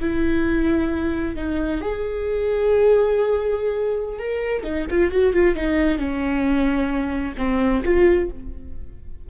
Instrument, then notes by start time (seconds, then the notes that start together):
viola
0.00 E4
1.36 D#4
1.81 G#4
4.19 A#4
4.63 D#4
4.90 F4
5.11 F#4
5.33 F4
5.55 D#4
5.98 C#4
7.37 C4
7.84 F4